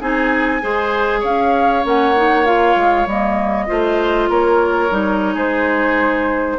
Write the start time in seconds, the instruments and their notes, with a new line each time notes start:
0.00 bassoon C4, clarinet D#4, oboe G#4, flute G#5
0.62 bassoon G#3, clarinet G#4, oboe C5
1.20 bassoon C#4, oboe C#5, flute F5
1.83 bassoon A#3, clarinet C#4, flute F#5
2.16 clarinet D#4
2.45 clarinet F4, flute F5
2.76 bassoon G#3
3.06 bassoon G3, clarinet A#3, flute D#5
3.67 bassoon A3, clarinet F4, oboe C5
4.29 bassoon A#3, oboe A#4, flute C#5
4.90 bassoon G3, clarinet D#4
5.34 bassoon G#3, oboe G#4, flute C5